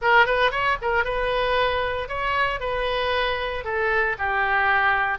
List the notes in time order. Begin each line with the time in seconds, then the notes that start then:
0.01 A#4
0.25 B4
0.51 C#5
0.81 A#4
1.04 B4
2.08 C#5
2.59 B4
3.64 A4
4.18 G4